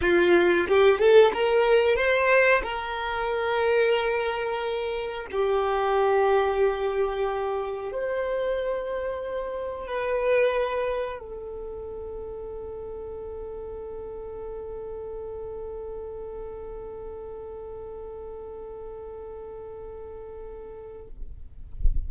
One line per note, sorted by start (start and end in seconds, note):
0.01 0.67 F4
0.67 0.99 G4
0.99 1.32 A4
1.33 1.96 A#4
1.96 2.62 C5
2.63 5.26 A#4
5.31 7.92 G4
7.92 9.87 C5
9.87 11.19 B4
11.19 21.08 A4